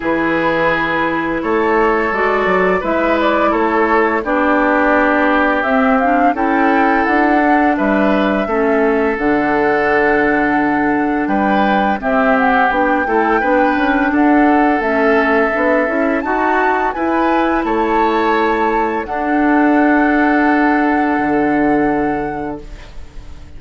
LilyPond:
<<
  \new Staff \with { instrumentName = "flute" } { \time 4/4 \tempo 4 = 85 b'2 cis''4 d''4 | e''8 d''8 cis''4 d''2 | e''8 f''8 g''4 fis''4 e''4~ | e''4 fis''2. |
g''4 e''8 fis''8 g''2 | fis''4 e''2 a''4 | gis''4 a''2 fis''4~ | fis''1 | }
  \new Staff \with { instrumentName = "oboe" } { \time 4/4 gis'2 a'2 | b'4 a'4 g'2~ | g'4 a'2 b'4 | a'1 |
b'4 g'4. a'8 b'4 | a'2. fis'4 | b'4 cis''2 a'4~ | a'1 | }
  \new Staff \with { instrumentName = "clarinet" } { \time 4/4 e'2. fis'4 | e'2 d'2 | c'8 d'8 e'4. d'4. | cis'4 d'2.~ |
d'4 c'4 d'8 e'8 d'4~ | d'4 cis'4 d'8 e'8 fis'4 | e'2. d'4~ | d'1 | }
  \new Staff \with { instrumentName = "bassoon" } { \time 4/4 e2 a4 gis8 fis8 | gis4 a4 b2 | c'4 cis'4 d'4 g4 | a4 d2. |
g4 c'4 b8 a8 b8 cis'8 | d'4 a4 b8 cis'8 dis'4 | e'4 a2 d'4~ | d'2 d2 | }
>>